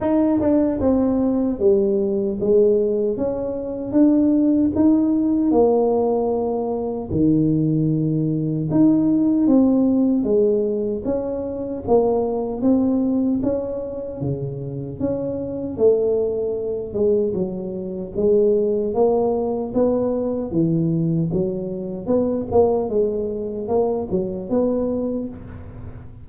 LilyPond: \new Staff \with { instrumentName = "tuba" } { \time 4/4 \tempo 4 = 76 dis'8 d'8 c'4 g4 gis4 | cis'4 d'4 dis'4 ais4~ | ais4 dis2 dis'4 | c'4 gis4 cis'4 ais4 |
c'4 cis'4 cis4 cis'4 | a4. gis8 fis4 gis4 | ais4 b4 e4 fis4 | b8 ais8 gis4 ais8 fis8 b4 | }